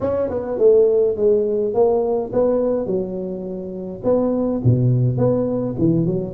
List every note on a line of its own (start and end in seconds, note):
0.00 0.29 C#4
0.29 0.58 B3
0.58 1.16 A3
1.16 1.73 G#3
1.73 2.31 A#3
2.32 2.86 B3
2.86 4.01 F#3
4.04 4.61 B3
4.63 5.17 B2
5.17 5.75 B3
5.78 6.06 E3
6.06 6.33 F#3